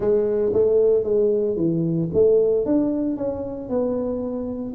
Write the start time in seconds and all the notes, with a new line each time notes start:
0.00 G#3
0.53 A3
1.03 G#3
1.56 E3
2.13 A3
2.65 D4
3.17 C#4
3.69 B3